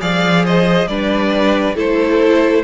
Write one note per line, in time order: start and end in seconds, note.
0.00 0.87 F3
0.00 0.88 G#4
0.00 0.44 D5
0.00 0.45 F5
0.44 0.88 C5
0.44 0.87 D#5
0.87 1.74 G3
0.87 1.76 D4
0.87 1.76 B4
0.87 1.76 D5
1.74 2.63 A3
1.74 2.64 E4
1.74 2.64 A4
1.74 2.64 C5